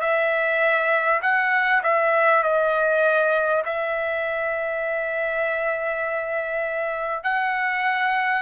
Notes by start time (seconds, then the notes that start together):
0.00 E5
1.22 F#5
1.83 E5
2.43 D#5
3.65 E5
7.23 F#5